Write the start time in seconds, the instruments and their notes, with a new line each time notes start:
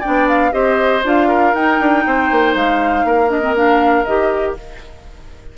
0.00 clarinet D4, oboe D5, flute G5
0.06 bassoon B3
0.28 flute F5
0.51 bassoon C4, clarinet G4, oboe C5, flute D#5
1.04 bassoon D4, clarinet F4, flute F5
1.28 oboe A#4
1.54 bassoon D#4, clarinet D#4, flute G5
1.80 bassoon D4
2.06 bassoon C4, oboe C5
2.31 bassoon A#3
2.55 bassoon G#3, flute F5
3.04 bassoon A#3, oboe A#4
3.28 clarinet D4, flute D#5
3.41 clarinet C4
3.55 clarinet D4, flute F5
4.04 bassoon D#3, clarinet G4, flute D#5